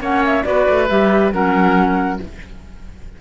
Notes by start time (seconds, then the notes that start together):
0.00 A#3 C#4 C#5 F#5
0.25 E5
0.43 B3 F#4 B4 D5
0.68 A3
0.88 G3 G4 E5
1.32 F#3 C#4 A#4 F#5